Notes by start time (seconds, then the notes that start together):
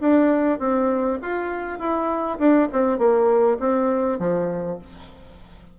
0.00 D4
0.59 C4
1.22 F4
1.79 E4
2.38 D4
2.72 C4
2.98 A#3
3.59 C4
4.19 F3